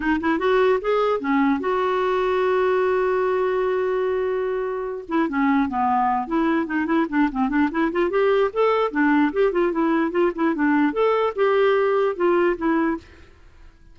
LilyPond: \new Staff \with { instrumentName = "clarinet" } { \time 4/4 \tempo 4 = 148 dis'8 e'8 fis'4 gis'4 cis'4 | fis'1~ | fis'1~ | fis'8 e'8 cis'4 b4. e'8~ |
e'8 dis'8 e'8 d'8 c'8 d'8 e'8 f'8 | g'4 a'4 d'4 g'8 f'8 | e'4 f'8 e'8 d'4 a'4 | g'2 f'4 e'4 | }